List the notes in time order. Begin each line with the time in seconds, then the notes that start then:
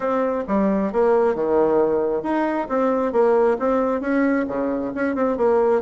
0.00 C4
0.47 G3
0.92 A#3
1.35 D#3
2.23 D#4
2.68 C4
3.12 A#3
3.59 C4
4.01 C#4
4.47 C#3
4.95 C#4
5.15 C4
5.37 A#3